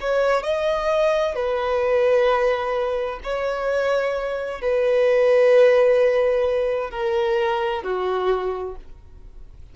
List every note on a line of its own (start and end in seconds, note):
0.00 0.43 C#5
0.43 1.35 D#5
1.35 3.19 B4
3.23 4.61 C#5
4.61 6.90 B4
6.90 7.83 A#4
7.83 8.75 F#4